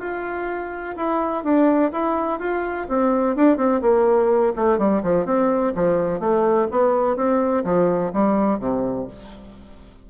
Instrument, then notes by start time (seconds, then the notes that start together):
bassoon
0.00 F4
0.96 E4
1.44 D4
1.92 E4
2.39 F4
2.89 C4
3.36 D4
3.57 C4
3.81 A#3
4.56 A3
4.78 G3
5.03 F3
5.25 C4
5.75 F3
6.20 A3
6.71 B3
7.16 C4
7.64 F3
8.13 G3
8.59 C3